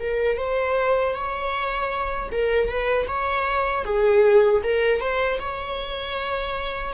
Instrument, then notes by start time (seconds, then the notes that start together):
viola
0.00 A#4
0.37 C5
1.14 C#5
2.31 A#4
2.68 B4
3.08 C#5
3.85 G#4
4.63 A#4
5.00 C5
5.39 C#5